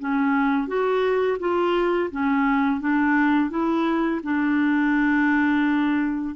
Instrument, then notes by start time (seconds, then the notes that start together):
clarinet
0.00 C#4
0.68 F#4
1.40 F4
2.11 C#4
2.81 D4
3.50 E4
4.23 D4